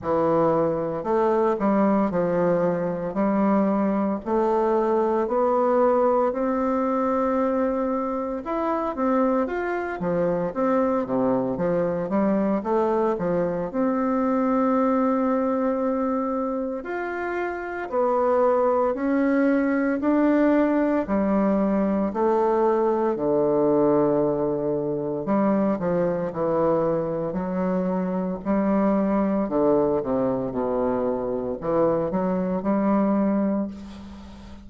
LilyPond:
\new Staff \with { instrumentName = "bassoon" } { \time 4/4 \tempo 4 = 57 e4 a8 g8 f4 g4 | a4 b4 c'2 | e'8 c'8 f'8 f8 c'8 c8 f8 g8 | a8 f8 c'2. |
f'4 b4 cis'4 d'4 | g4 a4 d2 | g8 f8 e4 fis4 g4 | d8 c8 b,4 e8 fis8 g4 | }